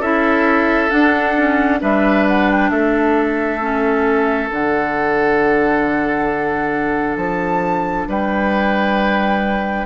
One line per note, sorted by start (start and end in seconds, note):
0.00 0.90 C#4
0.00 0.90 E4
0.00 1.79 A4
0.00 0.90 E5
0.90 1.35 D4
0.90 1.82 D4
0.90 1.79 F#5
1.37 1.80 C#4
1.80 2.71 G3
1.80 3.59 D4
1.80 2.71 B4
1.80 2.27 E5
2.28 2.50 F#5
2.51 2.70 G5
2.70 4.50 A3
2.70 8.08 A4
2.70 4.49 E5
3.60 4.48 C#4
4.48 7.16 D3
4.48 9.86 D4
4.48 7.16 F#5
7.16 8.06 F3
7.16 8.06 A5
8.07 9.86 G3
8.07 9.86 B4
8.07 9.86 G5